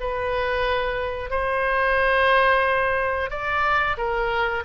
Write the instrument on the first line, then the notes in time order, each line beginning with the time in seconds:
oboe
0.00 B4
1.30 C5
3.30 D5
3.97 A#4